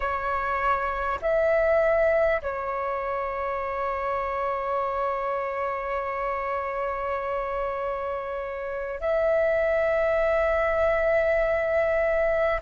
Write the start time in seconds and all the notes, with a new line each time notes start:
0.00 C#5
1.21 E5
2.42 C#5
9.00 E5